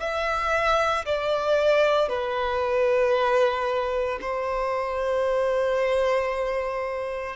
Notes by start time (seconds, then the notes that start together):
0.00 E5
1.06 D5
2.09 B4
4.21 C5